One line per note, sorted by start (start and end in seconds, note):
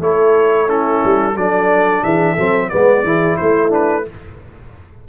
0.00 1.01 A3
0.00 0.68 E4
0.00 0.67 A4
0.00 0.70 C#5
0.67 1.35 C#4
0.67 1.34 E4
0.67 1.37 A4
1.04 1.35 G3
1.35 2.03 F#3
1.35 2.37 D4
1.35 2.04 A4
1.35 2.04 D5
2.04 2.38 E3
2.04 2.33 G#4
2.04 2.69 E5
2.33 2.71 F#3
2.33 2.71 C4
2.33 2.67 A4
2.69 3.04 G#3
2.69 3.05 B3
2.69 3.04 B4
2.69 3.37 D5
3.04 3.37 E3
3.04 3.69 E4
3.04 3.38 G#4
3.37 4.09 A3
3.37 4.05 E4
3.37 3.71 C5
3.69 4.03 D4
3.69 4.08 B4